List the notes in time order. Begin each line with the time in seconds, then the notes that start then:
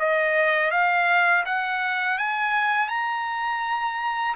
0.00 D#5
0.72 F5
1.46 F#5
2.19 G#5
2.89 A#5